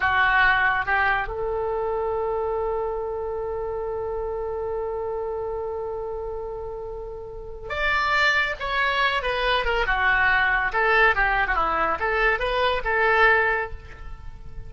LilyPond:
\new Staff \with { instrumentName = "oboe" } { \time 4/4 \tempo 4 = 140 fis'2 g'4 a'4~ | a'1~ | a'1~ | a'1~ |
a'2 d''2 | cis''4. b'4 ais'8 fis'4~ | fis'4 a'4 g'8. fis'16 e'4 | a'4 b'4 a'2 | }